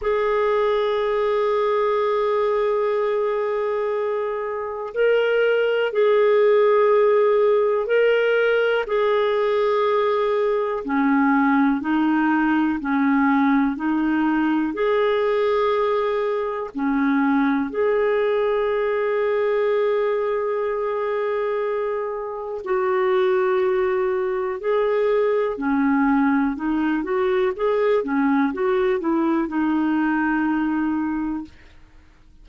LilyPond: \new Staff \with { instrumentName = "clarinet" } { \time 4/4 \tempo 4 = 61 gis'1~ | gis'4 ais'4 gis'2 | ais'4 gis'2 cis'4 | dis'4 cis'4 dis'4 gis'4~ |
gis'4 cis'4 gis'2~ | gis'2. fis'4~ | fis'4 gis'4 cis'4 dis'8 fis'8 | gis'8 cis'8 fis'8 e'8 dis'2 | }